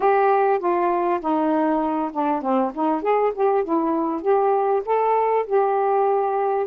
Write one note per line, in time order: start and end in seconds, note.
0.00 0.59 G4
0.59 1.20 F4
1.20 2.11 D#4
2.12 2.41 D4
2.41 2.72 C4
2.74 3.02 D#4
3.02 3.32 G#4
3.34 3.64 G4
3.64 4.21 E4
4.21 4.82 G4
4.85 5.45 A4
5.46 6.66 G4